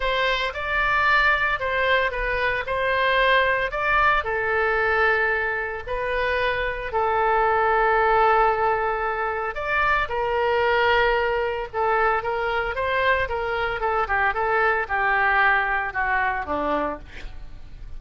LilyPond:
\new Staff \with { instrumentName = "oboe" } { \time 4/4 \tempo 4 = 113 c''4 d''2 c''4 | b'4 c''2 d''4 | a'2. b'4~ | b'4 a'2.~ |
a'2 d''4 ais'4~ | ais'2 a'4 ais'4 | c''4 ais'4 a'8 g'8 a'4 | g'2 fis'4 d'4 | }